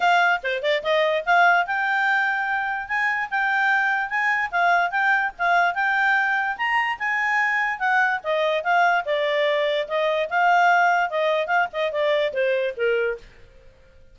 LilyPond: \new Staff \with { instrumentName = "clarinet" } { \time 4/4 \tempo 4 = 146 f''4 c''8 d''8 dis''4 f''4 | g''2. gis''4 | g''2 gis''4 f''4 | g''4 f''4 g''2 |
ais''4 gis''2 fis''4 | dis''4 f''4 d''2 | dis''4 f''2 dis''4 | f''8 dis''8 d''4 c''4 ais'4 | }